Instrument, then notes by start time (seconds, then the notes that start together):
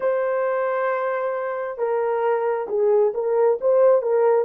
horn
0.00 C5
1.77 A#4
2.68 G#4
3.13 A#4
3.60 C5
4.01 A#4